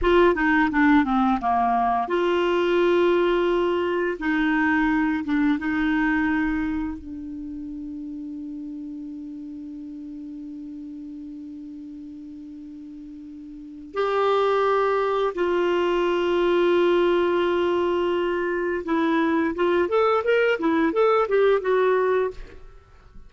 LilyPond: \new Staff \with { instrumentName = "clarinet" } { \time 4/4 \tempo 4 = 86 f'8 dis'8 d'8 c'8 ais4 f'4~ | f'2 dis'4. d'8 | dis'2 d'2~ | d'1~ |
d'1 | g'2 f'2~ | f'2. e'4 | f'8 a'8 ais'8 e'8 a'8 g'8 fis'4 | }